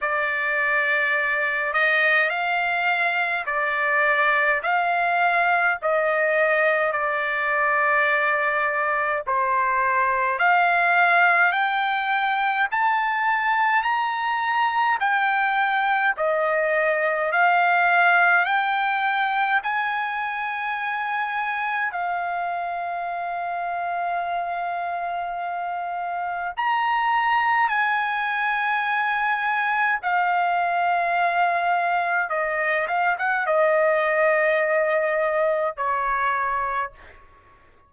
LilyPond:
\new Staff \with { instrumentName = "trumpet" } { \time 4/4 \tempo 4 = 52 d''4. dis''8 f''4 d''4 | f''4 dis''4 d''2 | c''4 f''4 g''4 a''4 | ais''4 g''4 dis''4 f''4 |
g''4 gis''2 f''4~ | f''2. ais''4 | gis''2 f''2 | dis''8 f''16 fis''16 dis''2 cis''4 | }